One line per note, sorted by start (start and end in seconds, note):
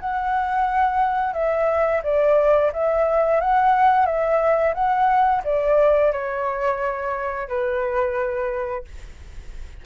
0.00 1.33 F#5
1.33 2.01 E5
2.03 2.71 D5
2.73 3.41 E5
3.41 4.06 F#5
4.06 4.74 E5
4.74 5.42 F#5
5.44 6.12 D5
6.12 7.48 C#5
7.48 8.85 B4